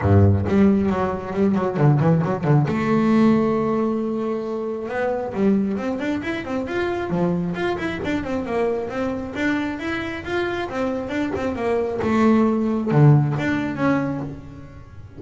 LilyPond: \new Staff \with { instrumentName = "double bass" } { \time 4/4 \tempo 4 = 135 g,4 g4 fis4 g8 fis8 | d8 e8 fis8 d8 a2~ | a2. b4 | g4 c'8 d'8 e'8 c'8 f'4 |
f4 f'8 e'8 d'8 c'8 ais4 | c'4 d'4 e'4 f'4 | c'4 d'8 c'8 ais4 a4~ | a4 d4 d'4 cis'4 | }